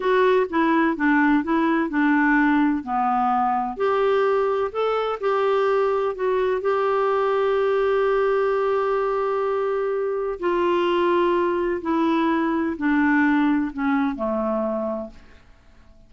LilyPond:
\new Staff \with { instrumentName = "clarinet" } { \time 4/4 \tempo 4 = 127 fis'4 e'4 d'4 e'4 | d'2 b2 | g'2 a'4 g'4~ | g'4 fis'4 g'2~ |
g'1~ | g'2 f'2~ | f'4 e'2 d'4~ | d'4 cis'4 a2 | }